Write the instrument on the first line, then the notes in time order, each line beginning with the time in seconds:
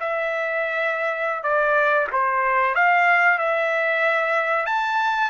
trumpet
0.00 E5
1.43 D5
2.13 C5
2.75 F5
3.39 E5
4.66 A5